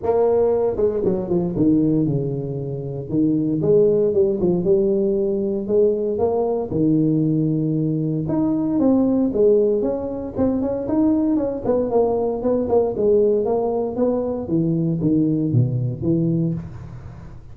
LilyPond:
\new Staff \with { instrumentName = "tuba" } { \time 4/4 \tempo 4 = 116 ais4. gis8 fis8 f8 dis4 | cis2 dis4 gis4 | g8 f8 g2 gis4 | ais4 dis2. |
dis'4 c'4 gis4 cis'4 | c'8 cis'8 dis'4 cis'8 b8 ais4 | b8 ais8 gis4 ais4 b4 | e4 dis4 b,4 e4 | }